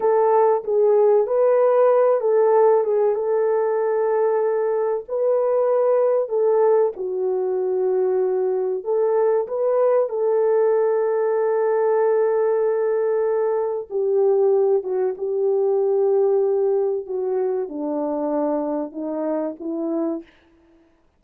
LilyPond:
\new Staff \with { instrumentName = "horn" } { \time 4/4 \tempo 4 = 95 a'4 gis'4 b'4. a'8~ | a'8 gis'8 a'2. | b'2 a'4 fis'4~ | fis'2 a'4 b'4 |
a'1~ | a'2 g'4. fis'8 | g'2. fis'4 | d'2 dis'4 e'4 | }